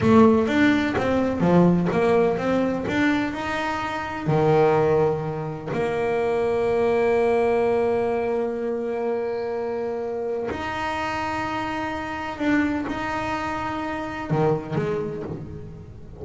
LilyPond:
\new Staff \with { instrumentName = "double bass" } { \time 4/4 \tempo 4 = 126 a4 d'4 c'4 f4 | ais4 c'4 d'4 dis'4~ | dis'4 dis2. | ais1~ |
ais1~ | ais2 dis'2~ | dis'2 d'4 dis'4~ | dis'2 dis4 gis4 | }